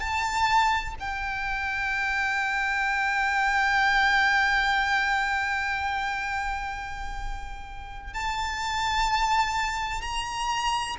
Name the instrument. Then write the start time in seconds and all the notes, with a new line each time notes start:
violin
0.00 A5
1.00 G5
8.14 A5
10.01 A#5